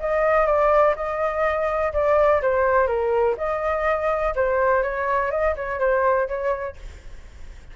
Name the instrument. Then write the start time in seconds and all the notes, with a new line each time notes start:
flute
0.00 D#5
0.47 D5
0.96 D#5
1.93 D5
2.42 C5
2.87 A#4
3.38 D#5
4.36 C5
4.83 C#5
5.31 D#5
5.56 C#5
5.80 C5
6.28 C#5